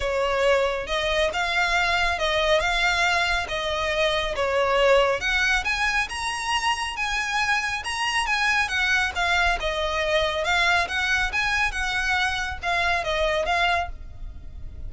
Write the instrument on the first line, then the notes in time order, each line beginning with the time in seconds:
violin
0.00 C#5
0.87 D#5
1.33 F5
2.18 D#5
2.59 F5
3.48 D#5
4.35 C#5
5.20 F#5
5.64 G#5
6.09 A#5
6.96 G#5
7.84 A#5
8.26 G#5
8.68 F#5
9.15 F5
9.60 D#5
10.44 F5
10.88 F#5
11.32 G#5
11.71 F#5
12.62 F5
13.03 D#5
13.45 F5